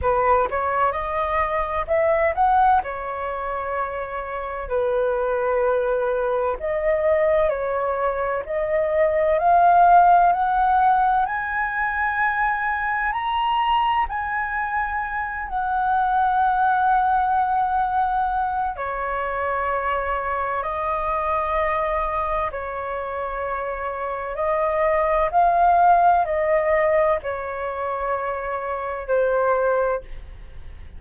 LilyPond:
\new Staff \with { instrumentName = "flute" } { \time 4/4 \tempo 4 = 64 b'8 cis''8 dis''4 e''8 fis''8 cis''4~ | cis''4 b'2 dis''4 | cis''4 dis''4 f''4 fis''4 | gis''2 ais''4 gis''4~ |
gis''8 fis''2.~ fis''8 | cis''2 dis''2 | cis''2 dis''4 f''4 | dis''4 cis''2 c''4 | }